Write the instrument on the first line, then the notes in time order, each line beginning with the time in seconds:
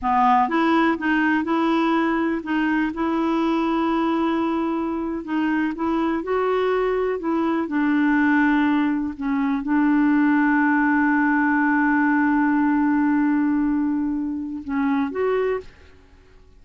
clarinet
0.02 B3
0.49 E4
0.98 D#4
1.44 E4
2.43 D#4
2.94 E4
5.24 D#4
5.75 E4
6.23 F#4
7.19 E4
7.67 D4
9.16 C#4
9.63 D4
14.63 C#4
15.11 F#4